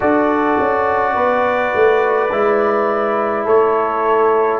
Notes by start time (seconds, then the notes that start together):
0.00 D4 F#4 A4 D5
0.59 C#4
1.13 B3 B4
1.75 A3
2.31 G#3 E4
3.44 A3 A4 C#5